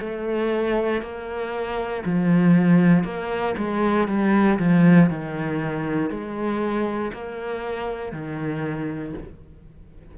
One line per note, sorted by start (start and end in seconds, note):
0.00 1.02 A3
1.02 2.04 A#3
2.05 3.04 F3
3.04 3.55 A#3
3.57 4.08 G#3
4.08 4.59 G3
4.59 5.10 F3
5.10 6.10 D#3
6.10 7.12 G#3
7.13 8.12 A#3
8.12 9.14 D#3